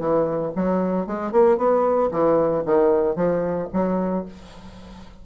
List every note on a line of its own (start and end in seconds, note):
0.00 0.53 E3
0.56 1.07 F#3
1.07 1.32 G#3
1.32 1.58 A#3
1.58 2.11 B3
2.12 2.64 E3
2.66 3.16 D#3
3.16 3.69 F3
3.73 4.26 F#3